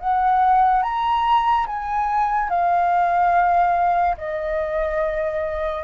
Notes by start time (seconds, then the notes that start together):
0.00 F#5
0.83 A#5
1.67 G#5
2.50 F5
4.17 D#5